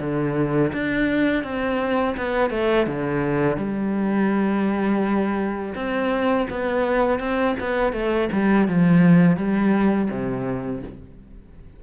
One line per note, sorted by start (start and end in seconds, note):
0.00 0.72 D3
0.73 1.44 D4
1.44 2.16 C4
2.17 2.50 B3
2.50 2.87 A3
2.87 3.57 D3
3.57 5.74 G3
5.75 6.47 C4
6.50 7.19 B3
7.19 7.55 C4
7.60 7.93 B3
7.93 8.29 A3
8.32 8.68 G3
8.68 9.37 F3
9.37 10.09 G3
10.10 10.82 C3